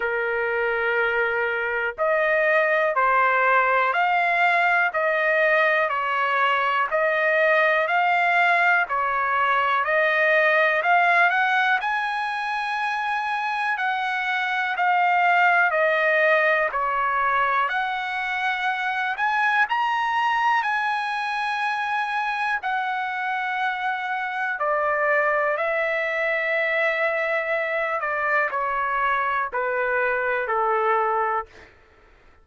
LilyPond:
\new Staff \with { instrumentName = "trumpet" } { \time 4/4 \tempo 4 = 61 ais'2 dis''4 c''4 | f''4 dis''4 cis''4 dis''4 | f''4 cis''4 dis''4 f''8 fis''8 | gis''2 fis''4 f''4 |
dis''4 cis''4 fis''4. gis''8 | ais''4 gis''2 fis''4~ | fis''4 d''4 e''2~ | e''8 d''8 cis''4 b'4 a'4 | }